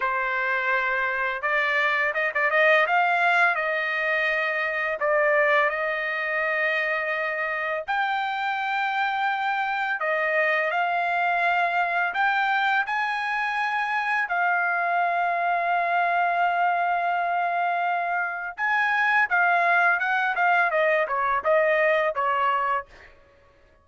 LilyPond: \new Staff \with { instrumentName = "trumpet" } { \time 4/4 \tempo 4 = 84 c''2 d''4 dis''16 d''16 dis''8 | f''4 dis''2 d''4 | dis''2. g''4~ | g''2 dis''4 f''4~ |
f''4 g''4 gis''2 | f''1~ | f''2 gis''4 f''4 | fis''8 f''8 dis''8 cis''8 dis''4 cis''4 | }